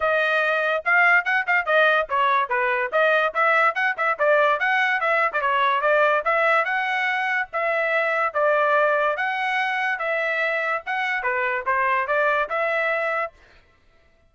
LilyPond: \new Staff \with { instrumentName = "trumpet" } { \time 4/4 \tempo 4 = 144 dis''2 f''4 fis''8 f''8 | dis''4 cis''4 b'4 dis''4 | e''4 fis''8 e''8 d''4 fis''4 | e''8. d''16 cis''4 d''4 e''4 |
fis''2 e''2 | d''2 fis''2 | e''2 fis''4 b'4 | c''4 d''4 e''2 | }